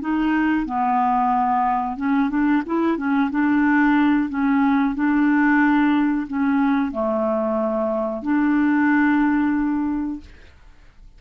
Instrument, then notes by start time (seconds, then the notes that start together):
clarinet
0.00 D#4
0.65 B3
1.96 C#4
2.29 D4
2.66 E4
2.97 C#4
3.30 D4
4.29 C#4
4.95 D4
6.27 C#4
6.91 A3
8.22 D4